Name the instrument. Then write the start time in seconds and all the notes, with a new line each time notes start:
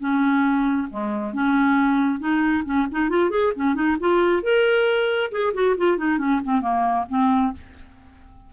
clarinet
0.00 C#4
0.91 G#3
1.34 C#4
2.20 D#4
2.65 C#4
2.92 D#4
3.10 F4
3.31 G#4
3.56 C#4
3.75 D#4
4.00 F4
4.43 A#4
5.32 G#4
5.54 F#4
5.78 F4
5.98 D#4
6.19 C#4
6.45 C4
6.62 A#3
7.09 C4